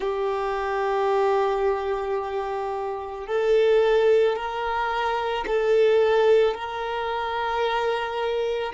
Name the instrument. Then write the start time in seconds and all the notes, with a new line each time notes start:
violin
0.00 G4
3.27 A4
4.35 A#4
5.46 A4
6.54 A#4